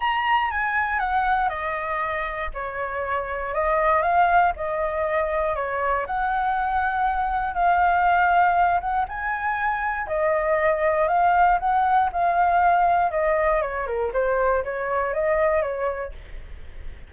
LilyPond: \new Staff \with { instrumentName = "flute" } { \time 4/4 \tempo 4 = 119 ais''4 gis''4 fis''4 dis''4~ | dis''4 cis''2 dis''4 | f''4 dis''2 cis''4 | fis''2. f''4~ |
f''4. fis''8 gis''2 | dis''2 f''4 fis''4 | f''2 dis''4 cis''8 ais'8 | c''4 cis''4 dis''4 cis''4 | }